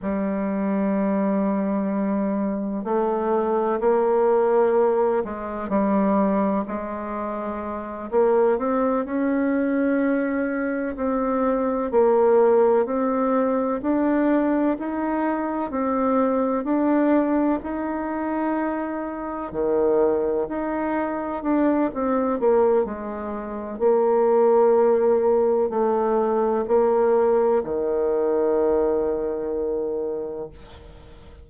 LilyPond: \new Staff \with { instrumentName = "bassoon" } { \time 4/4 \tempo 4 = 63 g2. a4 | ais4. gis8 g4 gis4~ | gis8 ais8 c'8 cis'2 c'8~ | c'8 ais4 c'4 d'4 dis'8~ |
dis'8 c'4 d'4 dis'4.~ | dis'8 dis4 dis'4 d'8 c'8 ais8 | gis4 ais2 a4 | ais4 dis2. | }